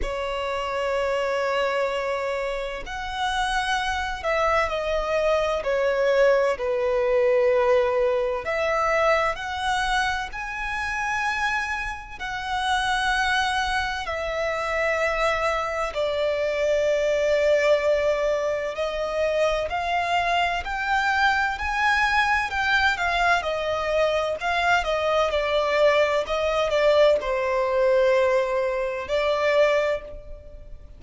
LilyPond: \new Staff \with { instrumentName = "violin" } { \time 4/4 \tempo 4 = 64 cis''2. fis''4~ | fis''8 e''8 dis''4 cis''4 b'4~ | b'4 e''4 fis''4 gis''4~ | gis''4 fis''2 e''4~ |
e''4 d''2. | dis''4 f''4 g''4 gis''4 | g''8 f''8 dis''4 f''8 dis''8 d''4 | dis''8 d''8 c''2 d''4 | }